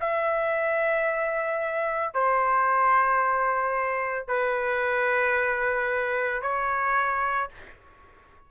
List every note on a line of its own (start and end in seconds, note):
0.00 2.14 E5
2.14 4.27 C5
4.27 6.41 B4
6.41 7.49 C#5